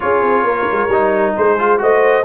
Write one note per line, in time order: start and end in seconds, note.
0.00 0.21 C#4
0.00 0.89 F4
0.00 0.44 G#4
0.00 1.34 C#5
0.21 0.43 C4
0.43 0.65 A#3
0.43 1.34 A#4
0.71 0.88 G#3
0.88 1.33 G3
0.88 1.58 D#4
1.34 1.81 G#3
1.34 1.79 G#4
1.34 1.81 C5
1.58 1.78 F4
1.78 2.24 A3
1.78 2.23 F#4
1.78 2.24 C5
1.78 2.24 D#5